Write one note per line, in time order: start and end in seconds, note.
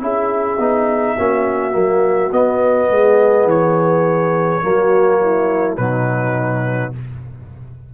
0.00 0.58 C#4
0.00 0.58 E4
0.00 1.18 G#4
0.00 2.33 E5
0.58 1.16 B3
0.58 1.18 D#4
1.18 1.75 A#3
1.18 1.72 C#4
1.18 2.91 F#4
1.72 2.31 F#3
1.72 2.29 A#3
2.31 2.89 B3
2.31 4.62 B3
2.31 3.49 D#5
2.89 3.45 G#3
2.89 4.64 G#4
3.45 4.60 E3
3.45 5.77 C#5
4.62 5.78 F#3
4.62 5.77 A#3
4.62 5.21 F#4
5.21 5.79 E4
5.77 6.93 B2
5.77 6.93 F#3
5.77 6.94 D#4
5.77 6.92 B4